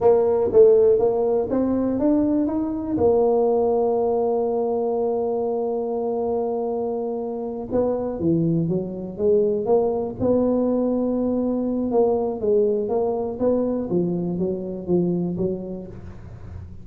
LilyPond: \new Staff \with { instrumentName = "tuba" } { \time 4/4 \tempo 4 = 121 ais4 a4 ais4 c'4 | d'4 dis'4 ais2~ | ais1~ | ais2.~ ais8 b8~ |
b8 e4 fis4 gis4 ais8~ | ais8 b2.~ b8 | ais4 gis4 ais4 b4 | f4 fis4 f4 fis4 | }